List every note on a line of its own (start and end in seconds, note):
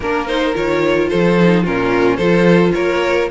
0.00 0.54 A#3
0.00 0.27 D4
0.00 1.09 A#4
0.00 0.27 A#4
0.27 0.53 D#4
0.27 0.54 C5
0.53 1.11 D#3
0.53 1.36 F4
0.53 1.08 C#5
1.08 1.66 F3
1.08 1.63 A4
1.08 1.63 C5
1.40 1.65 D#4
1.63 2.17 A#2
1.63 2.20 C#4
1.63 2.17 F4
1.63 2.16 A#4
2.16 2.72 F3
2.16 3.30 F4
2.16 2.72 A4
2.16 2.71 C5
2.74 3.31 A#3
2.74 3.29 A#4
2.74 3.29 C#5